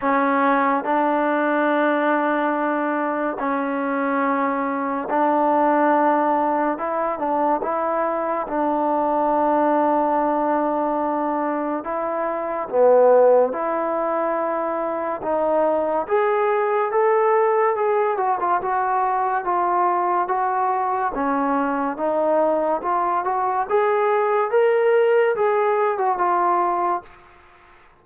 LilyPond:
\new Staff \with { instrumentName = "trombone" } { \time 4/4 \tempo 4 = 71 cis'4 d'2. | cis'2 d'2 | e'8 d'8 e'4 d'2~ | d'2 e'4 b4 |
e'2 dis'4 gis'4 | a'4 gis'8 fis'16 f'16 fis'4 f'4 | fis'4 cis'4 dis'4 f'8 fis'8 | gis'4 ais'4 gis'8. fis'16 f'4 | }